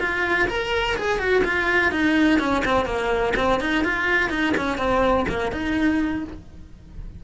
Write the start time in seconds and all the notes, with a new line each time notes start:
0.00 F4
0.48 A#4
0.97 G#4
1.18 F#4
1.45 F4
1.92 D#4
2.40 C#4
2.65 C4
2.86 A#3
3.36 C4
3.60 D#4
3.84 F4
4.30 D#4
4.57 C#4
4.78 C4
5.29 A#3
5.52 D#4